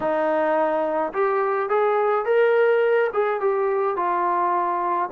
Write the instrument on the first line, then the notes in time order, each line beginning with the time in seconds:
trombone
0.00 D#4
1.13 G4
1.69 G#4
2.25 A#4
3.13 G#4
3.40 G4
3.96 F4